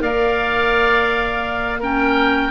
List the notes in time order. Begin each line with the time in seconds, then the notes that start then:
0.00 A#3 A#4 D5 F5
1.80 C#4 A#4 G5